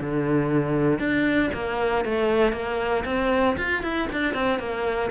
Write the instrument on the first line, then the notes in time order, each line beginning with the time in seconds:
cello
0.00 D3
0.99 D4
1.53 A#3
2.05 A3
2.52 A#3
3.05 C4
3.57 F4
3.83 E4
4.12 D4
4.34 C4
4.59 A#3